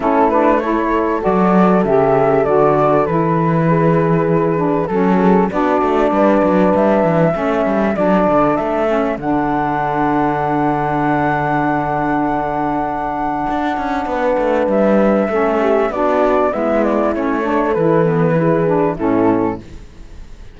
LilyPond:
<<
  \new Staff \with { instrumentName = "flute" } { \time 4/4 \tempo 4 = 98 a'8 b'8 cis''4 d''4 e''4 | d''4 b'2. | a'4 d''2 e''4~ | e''4 d''4 e''4 fis''4~ |
fis''1~ | fis''1 | e''2 d''4 e''8 d''8 | cis''4 b'2 a'4 | }
  \new Staff \with { instrumentName = "horn" } { \time 4/4 e'4 a'2.~ | a'2 gis'2 | a'8 gis'8 fis'4 b'2 | a'1~ |
a'1~ | a'2. b'4~ | b'4 a'8 g'8 fis'4 e'4~ | e'8 a'4. gis'4 e'4 | }
  \new Staff \with { instrumentName = "saxophone" } { \time 4/4 cis'8 d'8 e'4 fis'4 g'4 | fis'4 e'2~ e'8 d'8 | cis'4 d'2. | cis'4 d'4. cis'8 d'4~ |
d'1~ | d'1~ | d'4 cis'4 d'4 b4 | cis'8 d'8 e'8 b8 e'8 d'8 cis'4 | }
  \new Staff \with { instrumentName = "cello" } { \time 4/4 a2 fis4 cis4 | d4 e2. | fis4 b8 a8 g8 fis8 g8 e8 | a8 g8 fis8 d8 a4 d4~ |
d1~ | d2 d'8 cis'8 b8 a8 | g4 a4 b4 gis4 | a4 e2 a,4 | }
>>